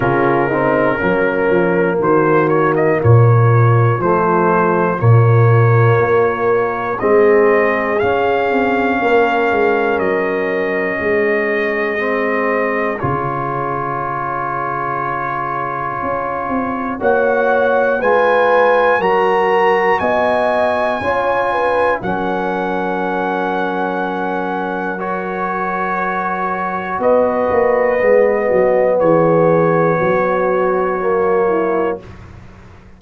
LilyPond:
<<
  \new Staff \with { instrumentName = "trumpet" } { \time 4/4 \tempo 4 = 60 ais'2 c''8 cis''16 dis''16 cis''4 | c''4 cis''2 dis''4 | f''2 dis''2~ | dis''4 cis''2.~ |
cis''4 fis''4 gis''4 ais''4 | gis''2 fis''2~ | fis''4 cis''2 dis''4~ | dis''4 cis''2. | }
  \new Staff \with { instrumentName = "horn" } { \time 4/4 f'8 dis'8 cis'4 fis'4 f'4~ | f'2. gis'4~ | gis'4 ais'2 gis'4~ | gis'1~ |
gis'4 cis''4 b'4 ais'4 | dis''4 cis''8 b'8 ais'2~ | ais'2. b'4~ | b'8 fis'8 gis'4 fis'4. e'8 | }
  \new Staff \with { instrumentName = "trombone" } { \time 4/4 cis'8 c'8 ais2. | a4 ais2 c'4 | cis'1 | c'4 f'2.~ |
f'4 fis'4 f'4 fis'4~ | fis'4 f'4 cis'2~ | cis'4 fis'2. | b2. ais4 | }
  \new Staff \with { instrumentName = "tuba" } { \time 4/4 cis4 fis8 f8 dis4 ais,4 | f4 ais,4 ais4 gis4 | cis'8 c'8 ais8 gis8 fis4 gis4~ | gis4 cis2. |
cis'8 c'8 ais4 gis4 fis4 | b4 cis'4 fis2~ | fis2. b8 ais8 | gis8 fis8 e4 fis2 | }
>>